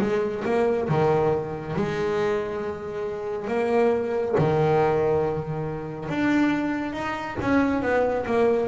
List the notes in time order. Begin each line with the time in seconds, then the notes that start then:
0.00 G#3
0.45 A#3
0.89 D#3
1.75 G#3
3.47 A#3
4.38 D#3
6.09 D4
6.92 D#4
7.40 C#4
7.81 B3
8.26 A#3